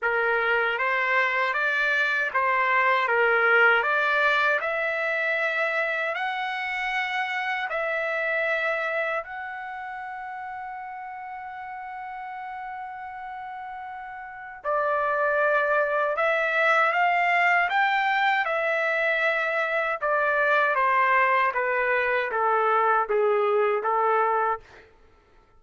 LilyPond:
\new Staff \with { instrumentName = "trumpet" } { \time 4/4 \tempo 4 = 78 ais'4 c''4 d''4 c''4 | ais'4 d''4 e''2 | fis''2 e''2 | fis''1~ |
fis''2. d''4~ | d''4 e''4 f''4 g''4 | e''2 d''4 c''4 | b'4 a'4 gis'4 a'4 | }